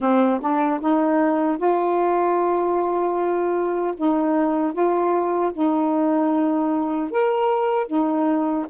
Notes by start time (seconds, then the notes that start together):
0.00 C4
0.40 D4
0.80 D#4
1.57 F4
3.96 D#4
4.72 F4
5.53 D#4
7.11 A#4
7.87 D#4